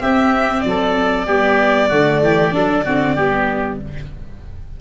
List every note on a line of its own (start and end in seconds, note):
0.00 1.26 C4
0.00 0.64 C4
0.00 0.64 G4
0.00 0.62 E5
0.62 1.28 F#3
0.62 3.77 D5
0.69 1.27 A4
1.27 1.91 G3
1.27 1.91 B3
1.27 1.89 G4
1.89 2.23 D3
1.89 2.52 A3
1.89 2.21 F#4
2.23 2.54 E3
2.23 2.55 G4
2.52 2.87 F#3
2.52 2.84 D4
2.52 2.85 A4
2.85 3.17 D3
2.85 3.18 C4
2.85 3.15 F#4
3.15 3.81 G3
3.15 3.81 B3
3.15 3.79 G4